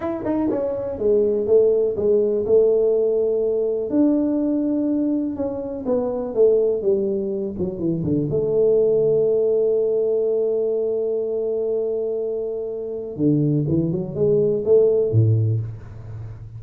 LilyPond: \new Staff \with { instrumentName = "tuba" } { \time 4/4 \tempo 4 = 123 e'8 dis'8 cis'4 gis4 a4 | gis4 a2. | d'2. cis'4 | b4 a4 g4. fis8 |
e8 d8 a2.~ | a1~ | a2. d4 | e8 fis8 gis4 a4 a,4 | }